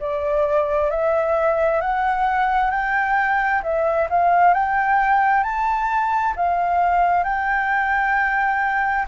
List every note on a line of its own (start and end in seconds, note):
0.00 0.90 D5
0.90 1.81 E5
1.81 2.71 F#5
2.71 3.62 G5
3.63 4.09 E5
4.10 4.54 F5
4.54 5.43 G5
5.43 6.34 A5
6.36 7.24 F5
7.24 9.06 G5